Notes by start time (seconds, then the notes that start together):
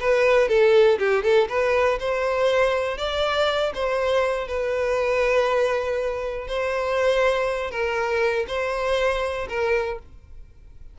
0.00 B4
0.49 A4
0.99 G4
1.23 A4
1.49 B4
2.00 C5
2.98 D5
3.75 C5
4.48 B4
6.48 C5
7.71 A#4
8.48 C5
9.49 A#4